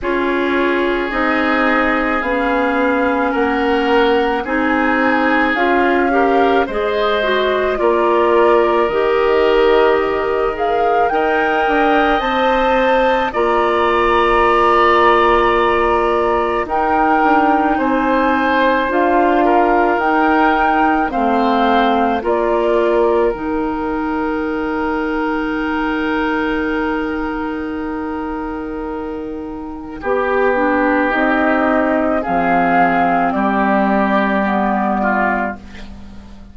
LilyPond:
<<
  \new Staff \with { instrumentName = "flute" } { \time 4/4 \tempo 4 = 54 cis''4 dis''4 f''4 fis''4 | gis''4 f''4 dis''4 d''4 | dis''4. f''8 g''4 a''4 | ais''2. g''4 |
gis''4 f''4 g''4 f''4 | d''4 g''2.~ | g''1 | dis''4 f''4 d''2 | }
  \new Staff \with { instrumentName = "oboe" } { \time 4/4 gis'2. ais'4 | gis'4. ais'8 c''4 ais'4~ | ais'2 dis''2 | d''2. ais'4 |
c''4. ais'4. c''4 | ais'1~ | ais'2. g'4~ | g'4 gis'4 g'4. f'8 | }
  \new Staff \with { instrumentName = "clarinet" } { \time 4/4 f'4 dis'4 cis'2 | dis'4 f'8 g'8 gis'8 fis'8 f'4 | g'4. gis'8 ais'4 c''4 | f'2. dis'4~ |
dis'4 f'4 dis'4 c'4 | f'4 dis'2.~ | dis'2. g'8 d'8 | dis'4 c'2 b4 | }
  \new Staff \with { instrumentName = "bassoon" } { \time 4/4 cis'4 c'4 b4 ais4 | c'4 cis'4 gis4 ais4 | dis2 dis'8 d'8 c'4 | ais2. dis'8 d'8 |
c'4 d'4 dis'4 a4 | ais4 dis2.~ | dis2. b4 | c'4 f4 g2 | }
>>